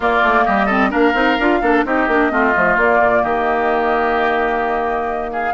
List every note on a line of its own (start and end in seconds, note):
0.00 0.21 A#3
0.00 0.69 A#3
0.00 0.44 F4
0.00 0.45 D5
0.23 0.46 A3
0.45 0.93 G3
0.45 0.66 G4
0.45 0.91 D#5
0.66 0.90 C4
0.66 0.89 A4
0.90 1.14 A#3
0.90 1.13 D4
0.90 1.59 A#4
0.90 1.84 F5
1.14 1.37 C4
1.14 1.37 D#4
1.39 1.61 D4
1.39 1.62 F4
1.61 1.84 A#3
1.61 1.85 D4
1.61 1.84 A4
1.84 2.07 C4
1.84 2.08 D#4
1.84 2.31 G4
1.84 2.77 D#5
2.07 2.30 A#3
2.07 2.30 D4
2.30 2.54 A3
2.30 2.53 C4
2.30 3.22 F4
2.54 2.76 F3
2.54 2.76 A3
2.76 2.99 A#3
2.76 5.53 A#3
2.76 3.23 D5
2.99 3.22 A#2
3.22 5.53 D#3
3.22 5.30 G4
3.22 5.31 D#5
5.32 5.53 G#4
5.32 5.53 F5